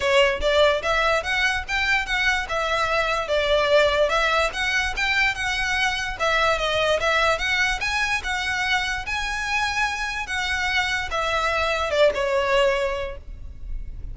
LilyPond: \new Staff \with { instrumentName = "violin" } { \time 4/4 \tempo 4 = 146 cis''4 d''4 e''4 fis''4 | g''4 fis''4 e''2 | d''2 e''4 fis''4 | g''4 fis''2 e''4 |
dis''4 e''4 fis''4 gis''4 | fis''2 gis''2~ | gis''4 fis''2 e''4~ | e''4 d''8 cis''2~ cis''8 | }